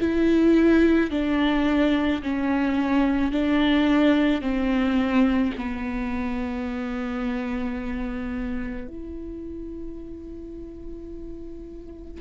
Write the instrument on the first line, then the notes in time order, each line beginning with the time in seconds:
viola
0.00 E4
1.11 D4
2.22 C#4
3.32 D4
4.41 C4
5.57 B3
8.88 E4